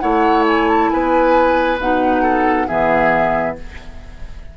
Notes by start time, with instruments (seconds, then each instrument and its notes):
0.00 bassoon A3, clarinet E4, oboe C#5, flute F#5
0.48 flute G#5
0.69 flute A5
0.90 bassoon B3, oboe B4, flute G#5
1.80 bassoon B2, clarinet D#4, flute F#5
2.23 oboe A4
2.68 bassoon E3, clarinet B3, oboe G#4, flute E5